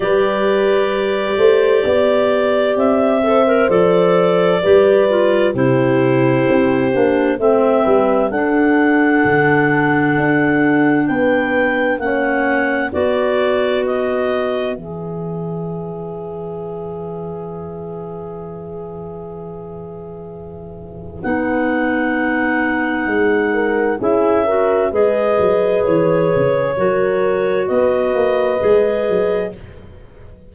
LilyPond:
<<
  \new Staff \with { instrumentName = "clarinet" } { \time 4/4 \tempo 4 = 65 d''2. e''4 | d''2 c''2 | e''4 fis''2. | g''4 fis''4 d''4 dis''4 |
e''1~ | e''2. fis''4~ | fis''2 e''4 dis''4 | cis''2 dis''2 | }
  \new Staff \with { instrumentName = "horn" } { \time 4/4 b'4. c''8 d''4. c''8~ | c''4 b'4 g'2 | c''8 b'8 a'2. | b'4 cis''4 b'2~ |
b'1~ | b'1~ | b'4. ais'8 gis'8 ais'8 b'4~ | b'4 ais'4 b'2 | }
  \new Staff \with { instrumentName = "clarinet" } { \time 4/4 g'2.~ g'8 a'16 ais'16 | a'4 g'8 f'8 e'4. d'8 | c'4 d'2.~ | d'4 cis'4 fis'2 |
gis'1~ | gis'2. dis'4~ | dis'2 e'8 fis'8 gis'4~ | gis'4 fis'2 gis'4 | }
  \new Staff \with { instrumentName = "tuba" } { \time 4/4 g4. a8 b4 c'4 | f4 g4 c4 c'8 ais8 | a8 g8 d'4 d4 d'4 | b4 ais4 b2 |
e1~ | e2. b4~ | b4 gis4 cis'4 gis8 fis8 | e8 cis8 fis4 b8 ais8 gis8 fis8 | }
>>